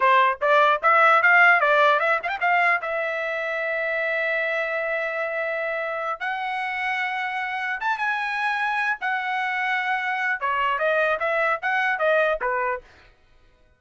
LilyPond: \new Staff \with { instrumentName = "trumpet" } { \time 4/4 \tempo 4 = 150 c''4 d''4 e''4 f''4 | d''4 e''8 f''16 g''16 f''4 e''4~ | e''1~ | e''2.~ e''8 fis''8~ |
fis''2.~ fis''8 a''8 | gis''2~ gis''8 fis''4.~ | fis''2 cis''4 dis''4 | e''4 fis''4 dis''4 b'4 | }